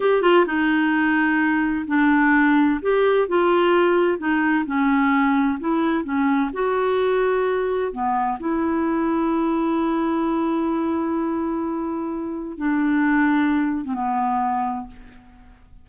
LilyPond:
\new Staff \with { instrumentName = "clarinet" } { \time 4/4 \tempo 4 = 129 g'8 f'8 dis'2. | d'2 g'4 f'4~ | f'4 dis'4 cis'2 | e'4 cis'4 fis'2~ |
fis'4 b4 e'2~ | e'1~ | e'2. d'4~ | d'4.~ d'16 c'16 b2 | }